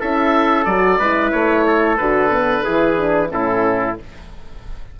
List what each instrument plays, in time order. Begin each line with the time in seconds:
0.00 bassoon C#4, horn E4, trumpet A4, oboe E5
0.65 bassoon F#3, horn F#4, oboe D5
0.99 bassoon G#3, horn E4, trumpet B4
1.31 bassoon A3, oboe C#5
1.66 trumpet A4
1.97 bassoon D3, horn F#4, oboe B4
2.30 horn B3
2.63 bassoon E3, horn E4, trumpet G#4
2.97 horn D4
3.29 bassoon A2, horn C#4, trumpet E4, oboe A4